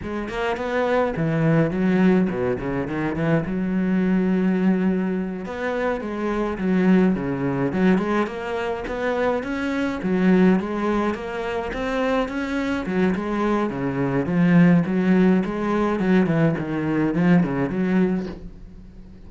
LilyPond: \new Staff \with { instrumentName = "cello" } { \time 4/4 \tempo 4 = 105 gis8 ais8 b4 e4 fis4 | b,8 cis8 dis8 e8 fis2~ | fis4. b4 gis4 fis8~ | fis8 cis4 fis8 gis8 ais4 b8~ |
b8 cis'4 fis4 gis4 ais8~ | ais8 c'4 cis'4 fis8 gis4 | cis4 f4 fis4 gis4 | fis8 e8 dis4 f8 cis8 fis4 | }